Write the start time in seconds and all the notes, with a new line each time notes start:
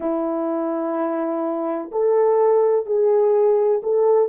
0.00 E4
1.91 A4
2.86 G#4
3.83 A4